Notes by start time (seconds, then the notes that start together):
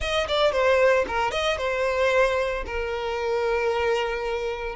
0.00 D#5
0.28 D5
0.52 C5
1.07 A#4
1.31 D#5
1.57 C5
2.66 A#4